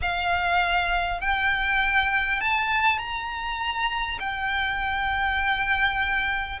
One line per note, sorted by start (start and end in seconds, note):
0.01 1.21 F5
1.21 2.40 G5
2.40 2.98 A5
2.98 4.18 A#5
4.19 6.59 G5